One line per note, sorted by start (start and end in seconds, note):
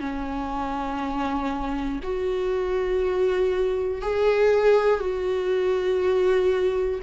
0.00 2.00 C#4
2.03 4.02 F#4
4.02 5.00 G#4
5.00 7.00 F#4